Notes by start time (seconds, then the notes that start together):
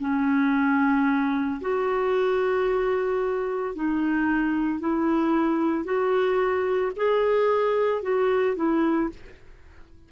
0.00 C#4
1.61 F#4
3.75 D#4
4.80 E4
5.85 F#4
6.96 G#4
8.03 F#4
8.56 E4